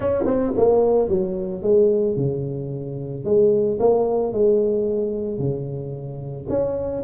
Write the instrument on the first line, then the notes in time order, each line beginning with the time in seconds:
tuba
0.00 C#4
0.26 C4
0.56 A#3
1.08 F#3
1.62 G#3
2.16 C#3
3.24 G#3
3.79 A#3
4.32 G#3
5.38 C#3
6.49 C#4